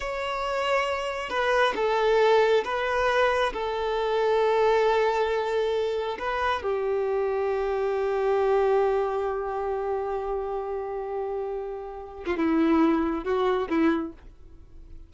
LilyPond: \new Staff \with { instrumentName = "violin" } { \time 4/4 \tempo 4 = 136 cis''2. b'4 | a'2 b'2 | a'1~ | a'2 b'4 g'4~ |
g'1~ | g'1~ | g'2.~ g'8. f'16 | e'2 fis'4 e'4 | }